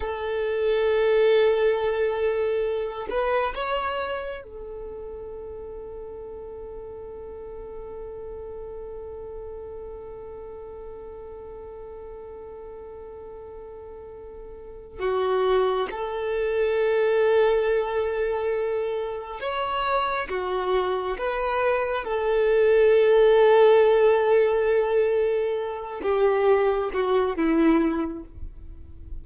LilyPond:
\new Staff \with { instrumentName = "violin" } { \time 4/4 \tempo 4 = 68 a'2.~ a'8 b'8 | cis''4 a'2.~ | a'1~ | a'1~ |
a'4 fis'4 a'2~ | a'2 cis''4 fis'4 | b'4 a'2.~ | a'4. g'4 fis'8 e'4 | }